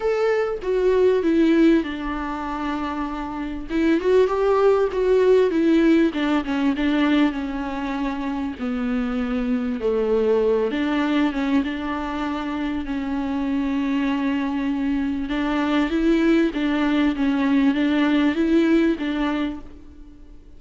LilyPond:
\new Staff \with { instrumentName = "viola" } { \time 4/4 \tempo 4 = 98 a'4 fis'4 e'4 d'4~ | d'2 e'8 fis'8 g'4 | fis'4 e'4 d'8 cis'8 d'4 | cis'2 b2 |
a4. d'4 cis'8 d'4~ | d'4 cis'2.~ | cis'4 d'4 e'4 d'4 | cis'4 d'4 e'4 d'4 | }